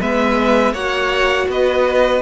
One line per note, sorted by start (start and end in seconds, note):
0.00 0.73 G#3
0.00 0.76 B3
0.00 0.73 B4
0.00 0.74 E5
0.73 1.48 A#3
0.73 2.22 F#4
0.73 1.47 C#5
0.73 1.48 F#5
1.48 2.22 B3
1.48 2.22 B4
1.48 2.22 D#5